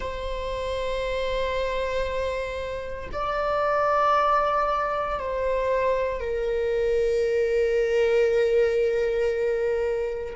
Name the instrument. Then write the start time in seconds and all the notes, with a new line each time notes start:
viola
0.00 C5
3.12 D5
5.19 C5
6.20 A#4